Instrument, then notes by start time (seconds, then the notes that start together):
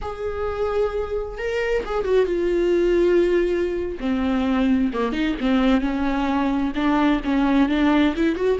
viola
0.01 G#4
1.37 A#4
1.85 G#4
2.04 F#4
2.26 F4
4.00 C4
4.93 A#3
5.12 D#4
5.40 C4
5.80 C#4
6.75 D4
7.24 C#4
7.68 D4
8.16 E4
8.35 F#4